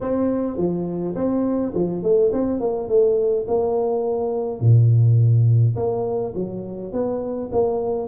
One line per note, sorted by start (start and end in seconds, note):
0.01 0.57 C4
0.57 1.15 F3
1.15 1.72 C4
1.74 2.02 F3
2.02 2.31 A3
2.32 2.60 C4
2.60 2.88 A#3
2.88 3.46 A3
3.47 4.60 A#3
4.60 5.75 A#2
5.76 6.33 A#3
6.35 6.92 F#3
6.92 7.49 B3
7.52 8.07 A#3